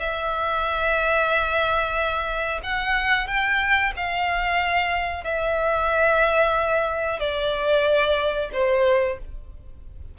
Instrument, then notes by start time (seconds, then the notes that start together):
violin
0.00 E5
2.64 F#5
3.27 G5
3.97 F5
5.24 E5
7.20 D5
8.53 C5